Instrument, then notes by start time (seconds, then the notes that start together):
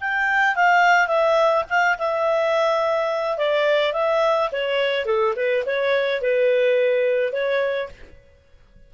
clarinet
0.00 G5
0.55 F5
1.07 E5
1.69 F5
1.98 E5
3.37 D5
3.93 E5
4.52 C#5
5.06 A4
5.36 B4
5.66 C#5
6.21 B4
7.33 C#5